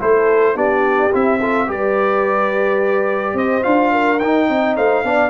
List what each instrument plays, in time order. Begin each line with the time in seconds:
0.00 tuba A3, trombone E4, horn A4, trumpet C5
0.55 tuba B3, trombone D4, horn G4, trumpet D5
1.12 tuba C4, trombone E4, trumpet E5
1.40 trombone F4, horn A4
1.67 tuba G3, trombone G4, horn B4, trumpet D5
3.34 tuba C4, horn C5, trumpet D#5
3.63 tuba D4, trombone F4, trumpet F5
3.92 horn A#4
4.20 tuba D#4, trombone D#4, trumpet G5
4.49 tuba C4, horn D#5
4.77 tuba A3, horn C5, trumpet F5
5.04 tuba B3, trombone D4, horn D5